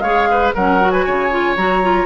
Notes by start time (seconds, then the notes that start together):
0.00 G#3 G#4 C#5 F5
0.31 B4
0.54 F#3 C#4 A#4 F#5
0.81 F#4
0.90 B4 G#5
1.05 C#3 C#5
1.30 F4
1.56 F#3 F#4 A#5
1.82 F4